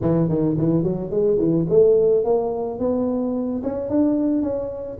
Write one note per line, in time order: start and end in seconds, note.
0.01 0.29 E3
0.29 0.56 D#3
0.57 0.83 E3
0.83 1.10 F#3
1.10 1.38 G#3
1.38 1.66 E3
1.69 2.24 A3
2.24 2.79 A#3
2.79 3.62 B3
3.63 3.89 C#4
3.89 4.42 D4
4.42 4.97 C#4